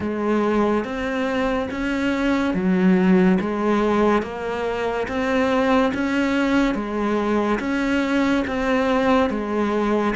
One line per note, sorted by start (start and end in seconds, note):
0.00 0.84 G#3
0.84 1.69 C4
1.70 2.54 C#4
2.54 3.38 F#3
3.40 4.22 G#3
4.22 5.07 A#3
5.07 5.92 C4
5.93 6.74 C#4
6.74 7.59 G#3
7.59 8.44 C#4
8.47 9.30 C4
9.30 10.14 G#3